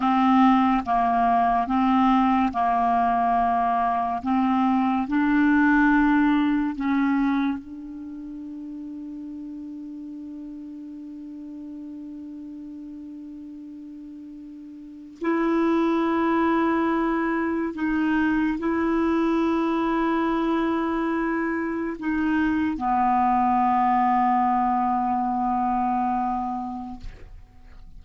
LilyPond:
\new Staff \with { instrumentName = "clarinet" } { \time 4/4 \tempo 4 = 71 c'4 ais4 c'4 ais4~ | ais4 c'4 d'2 | cis'4 d'2.~ | d'1~ |
d'2 e'2~ | e'4 dis'4 e'2~ | e'2 dis'4 b4~ | b1 | }